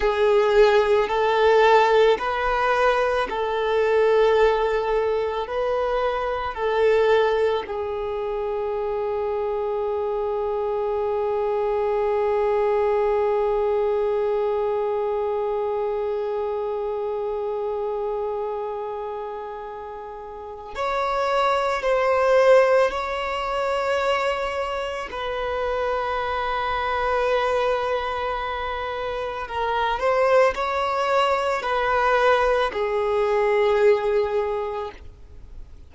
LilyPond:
\new Staff \with { instrumentName = "violin" } { \time 4/4 \tempo 4 = 55 gis'4 a'4 b'4 a'4~ | a'4 b'4 a'4 gis'4~ | gis'1~ | gis'1~ |
gis'2. cis''4 | c''4 cis''2 b'4~ | b'2. ais'8 c''8 | cis''4 b'4 gis'2 | }